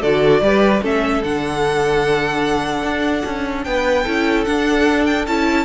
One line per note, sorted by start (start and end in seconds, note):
0.00 0.41 D3
0.00 0.42 F#4
0.00 0.40 A4
0.00 0.82 D5
0.41 0.81 G3
0.41 0.81 G4
0.41 0.82 B4
0.81 1.22 A3
0.81 1.22 C#4
0.81 3.64 A4
0.81 1.23 E5
1.23 2.82 D3
1.23 4.06 D4
1.23 3.63 F#5
2.82 3.23 D4
3.25 3.66 C#4
3.63 4.06 B3
3.63 4.03 B4
3.63 4.44 G5
4.03 4.46 C#4
4.03 4.45 E4
4.03 5.64 A4
4.44 5.26 D4
4.44 5.27 D4
4.44 5.05 F#5
5.05 5.25 G5
5.27 5.64 C#4
5.27 5.64 E4
5.27 5.64 A5